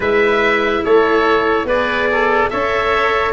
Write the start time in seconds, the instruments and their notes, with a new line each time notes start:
0.00 tuba G#3, cello E4, trumpet B4, oboe E5
0.84 tuba A3, trumpet A4, oboe C#5
1.64 tuba B3, cello G#4, oboe B4, trumpet D5
2.11 oboe A4
2.50 tuba C#4, cello A4, trumpet C#5, oboe E5